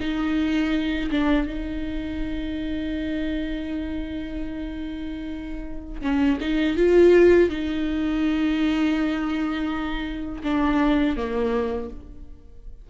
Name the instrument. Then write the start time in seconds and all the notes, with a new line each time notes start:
viola
0.00 D#4
1.11 D4
1.47 D#4
6.02 C#4
6.40 D#4
6.76 F4
7.49 D#4
10.43 D4
11.17 A#3